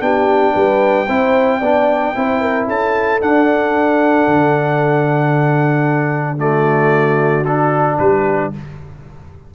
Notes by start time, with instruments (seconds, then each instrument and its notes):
0.00 tuba B3, trombone D4, horn G4, trumpet G5
0.54 tuba G3, horn B4
1.06 tuba C4, trombone E4, horn C5
1.59 tuba B3, trombone D4, horn D5
2.15 tuba C4, trombone E4, horn C5
2.41 horn A#4
2.67 tuba C#4, horn A4, trumpet A5
3.21 tuba D4, trombone D4, trumpet F#5
4.27 tuba D3
6.38 trombone A3, horn F#4, trumpet D5
7.45 trombone D4, trumpet A4
7.99 tuba G3, horn G4, trumpet B4